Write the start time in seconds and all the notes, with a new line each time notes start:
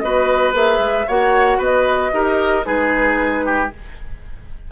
0.00 B3 F#4 B4 D#5
0.53 A#3 G#4 E5
0.79 G#3
1.07 A#3 F#4 C#5 F#5
1.58 B3 B4 D#5
2.13 D#4 G4 A#4
2.64 G#3 D#4 G#4 B4
3.46 G4